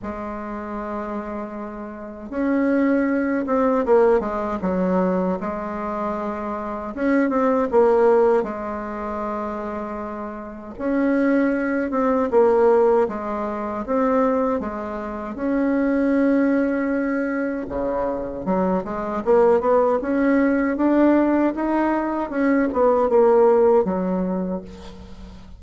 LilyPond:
\new Staff \with { instrumentName = "bassoon" } { \time 4/4 \tempo 4 = 78 gis2. cis'4~ | cis'8 c'8 ais8 gis8 fis4 gis4~ | gis4 cis'8 c'8 ais4 gis4~ | gis2 cis'4. c'8 |
ais4 gis4 c'4 gis4 | cis'2. cis4 | fis8 gis8 ais8 b8 cis'4 d'4 | dis'4 cis'8 b8 ais4 fis4 | }